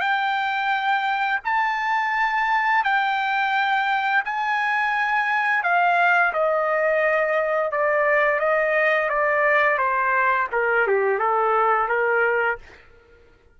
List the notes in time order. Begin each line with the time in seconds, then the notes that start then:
0.00 G5
1.44 A5
2.84 G5
4.24 G#5
5.63 F5
6.33 D#5
7.72 D5
8.39 D#5
9.09 D5
9.78 C5
10.52 A#4
10.87 G4
11.18 A4
11.88 A#4